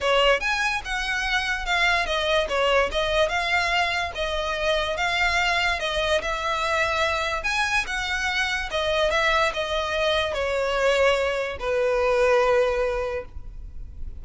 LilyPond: \new Staff \with { instrumentName = "violin" } { \time 4/4 \tempo 4 = 145 cis''4 gis''4 fis''2 | f''4 dis''4 cis''4 dis''4 | f''2 dis''2 | f''2 dis''4 e''4~ |
e''2 gis''4 fis''4~ | fis''4 dis''4 e''4 dis''4~ | dis''4 cis''2. | b'1 | }